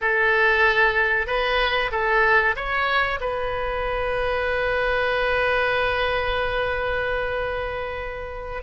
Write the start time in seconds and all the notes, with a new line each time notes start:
0.01 A4
1.26 B4
1.91 A4
2.55 C#5
3.20 B4